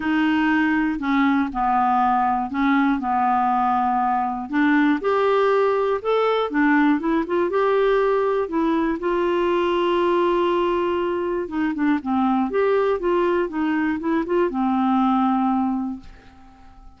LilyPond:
\new Staff \with { instrumentName = "clarinet" } { \time 4/4 \tempo 4 = 120 dis'2 cis'4 b4~ | b4 cis'4 b2~ | b4 d'4 g'2 | a'4 d'4 e'8 f'8 g'4~ |
g'4 e'4 f'2~ | f'2. dis'8 d'8 | c'4 g'4 f'4 dis'4 | e'8 f'8 c'2. | }